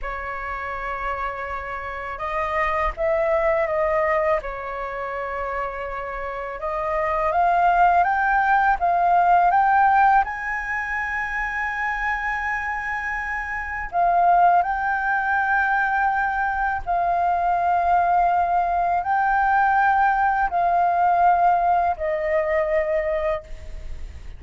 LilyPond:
\new Staff \with { instrumentName = "flute" } { \time 4/4 \tempo 4 = 82 cis''2. dis''4 | e''4 dis''4 cis''2~ | cis''4 dis''4 f''4 g''4 | f''4 g''4 gis''2~ |
gis''2. f''4 | g''2. f''4~ | f''2 g''2 | f''2 dis''2 | }